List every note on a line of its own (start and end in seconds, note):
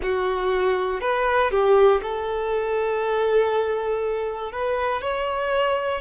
0.02 1.00 F#4
1.00 1.50 B4
1.50 2.00 G4
2.02 4.51 A4
4.51 5.01 B4
5.01 6.01 C#5